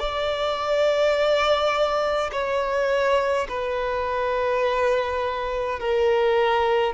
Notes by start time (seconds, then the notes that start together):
0.00 D5
2.32 C#5
3.49 B4
5.80 A#4